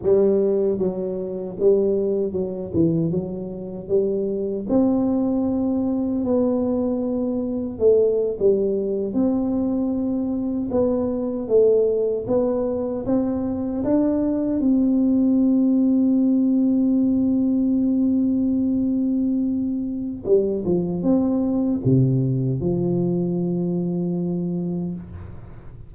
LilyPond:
\new Staff \with { instrumentName = "tuba" } { \time 4/4 \tempo 4 = 77 g4 fis4 g4 fis8 e8 | fis4 g4 c'2 | b2 a8. g4 c'16~ | c'4.~ c'16 b4 a4 b16~ |
b8. c'4 d'4 c'4~ c'16~ | c'1~ | c'2 g8 f8 c'4 | c4 f2. | }